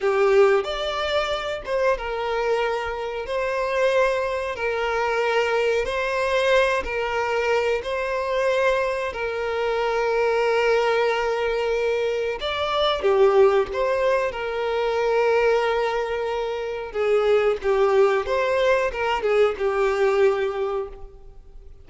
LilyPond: \new Staff \with { instrumentName = "violin" } { \time 4/4 \tempo 4 = 92 g'4 d''4. c''8 ais'4~ | ais'4 c''2 ais'4~ | ais'4 c''4. ais'4. | c''2 ais'2~ |
ais'2. d''4 | g'4 c''4 ais'2~ | ais'2 gis'4 g'4 | c''4 ais'8 gis'8 g'2 | }